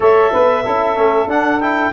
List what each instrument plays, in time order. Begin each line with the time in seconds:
0.00 tuba A3, trombone A4, saxophone C#5, clarinet E5
0.31 tuba B3, saxophone B4
0.63 tuba C#4, trombone E4, saxophone A4
0.95 tuba A3, trombone C#4
1.26 tuba D4, trombone D4, clarinet F#5
1.60 trombone E4, clarinet G5